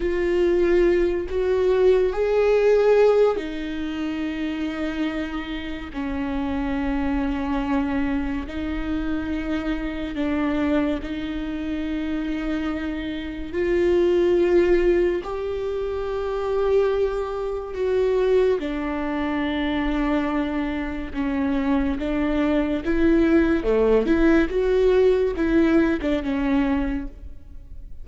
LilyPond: \new Staff \with { instrumentName = "viola" } { \time 4/4 \tempo 4 = 71 f'4. fis'4 gis'4. | dis'2. cis'4~ | cis'2 dis'2 | d'4 dis'2. |
f'2 g'2~ | g'4 fis'4 d'2~ | d'4 cis'4 d'4 e'4 | a8 e'8 fis'4 e'8. d'16 cis'4 | }